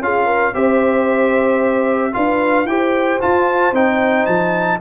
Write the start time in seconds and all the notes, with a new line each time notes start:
0.00 C#4 F4 G#4 F5
0.26 A#4
0.55 C4 G4 C5 E5
2.13 D4 F4 B4 F5
2.65 E4 G4 C5 G5
3.21 F4 A5
3.73 C4 D#4 G5
4.26 F3 A5